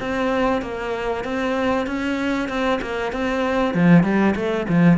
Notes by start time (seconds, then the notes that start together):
0.00 C4
0.62 A#3
1.25 C4
1.87 C#4
2.49 C4
2.82 A#3
3.12 C4
3.75 F3
4.04 G3
4.36 A3
4.69 F3